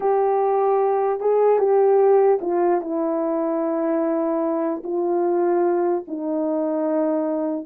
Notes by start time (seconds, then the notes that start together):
0.00 G4
1.20 G#4
1.58 G4
2.41 F4
2.81 E4
4.83 F4
6.07 D#4